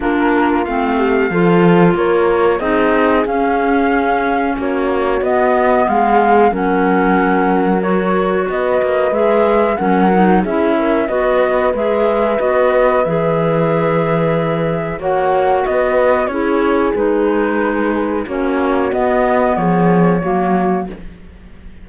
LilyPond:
<<
  \new Staff \with { instrumentName = "flute" } { \time 4/4 \tempo 4 = 92 ais'4 f''2 cis''4 | dis''4 f''2 cis''4 | dis''4 f''4 fis''2 | cis''4 dis''4 e''4 fis''4 |
e''4 dis''4 e''4 dis''4 | e''2. fis''4 | dis''4 cis''4 b'2 | cis''4 dis''4 cis''2 | }
  \new Staff \with { instrumentName = "horn" } { \time 4/4 f'4. g'8 a'4 ais'4 | gis'2. fis'4~ | fis'4 gis'4 ais'2~ | ais'4 b'2 ais'4 |
gis'8 ais'8 b'2.~ | b'2. cis''4 | b'4 gis'2. | fis'2 gis'4 fis'4 | }
  \new Staff \with { instrumentName = "clarinet" } { \time 4/4 d'4 c'4 f'2 | dis'4 cis'2. | b2 cis'2 | fis'2 gis'4 cis'8 dis'8 |
e'4 fis'4 gis'4 fis'4 | gis'2. fis'4~ | fis'4 e'4 dis'2 | cis'4 b2 ais4 | }
  \new Staff \with { instrumentName = "cello" } { \time 4/4 ais4 a4 f4 ais4 | c'4 cis'2 ais4 | b4 gis4 fis2~ | fis4 b8 ais8 gis4 fis4 |
cis'4 b4 gis4 b4 | e2. ais4 | b4 cis'4 gis2 | ais4 b4 f4 fis4 | }
>>